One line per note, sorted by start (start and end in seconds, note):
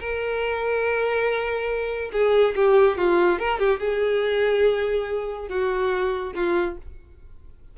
0.00 2.11 A#4
2.13 2.55 G#4
2.56 2.98 G4
2.98 3.39 F4
3.39 3.60 A#4
3.60 3.80 G4
3.80 5.49 G#4
5.49 6.33 F#4
6.35 6.77 F4